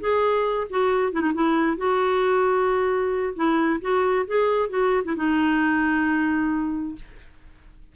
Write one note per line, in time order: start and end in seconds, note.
0.00 0.67 G#4
0.69 1.12 F#4
1.12 1.20 E4
1.20 1.32 D#4
1.34 1.77 E4
1.77 3.34 F#4
3.35 3.80 E4
3.81 4.26 F#4
4.27 4.69 G#4
4.69 5.03 F#4
5.04 5.16 E4
5.16 6.95 D#4